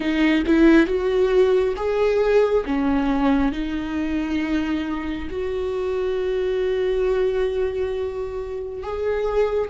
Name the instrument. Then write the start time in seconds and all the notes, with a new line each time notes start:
viola
0.00 D#4
0.46 E4
0.86 F#4
1.76 G#4
2.65 C#4
3.51 D#4
5.30 F#4
8.82 G#4